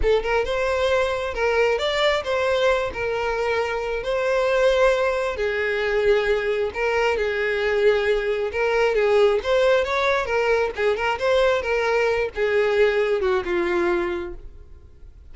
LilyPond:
\new Staff \with { instrumentName = "violin" } { \time 4/4 \tempo 4 = 134 a'8 ais'8 c''2 ais'4 | d''4 c''4. ais'4.~ | ais'4 c''2. | gis'2. ais'4 |
gis'2. ais'4 | gis'4 c''4 cis''4 ais'4 | gis'8 ais'8 c''4 ais'4. gis'8~ | gis'4. fis'8 f'2 | }